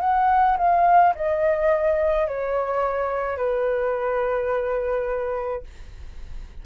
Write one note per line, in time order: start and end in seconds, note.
0.00 0.57 F#5
0.58 1.14 F5
1.15 2.27 D#5
2.27 3.37 C#5
3.37 5.63 B4